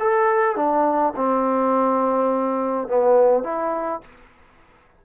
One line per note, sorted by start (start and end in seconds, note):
0.00 0.56 A4
0.56 1.14 D4
1.16 2.88 C4
2.88 3.44 B3
3.44 4.01 E4